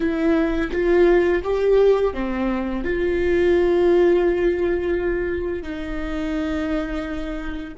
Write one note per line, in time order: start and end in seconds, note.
0.00 0.70 E4
0.72 1.42 F4
1.43 2.13 G4
2.13 2.84 C4
2.84 5.62 F4
5.62 7.74 D#4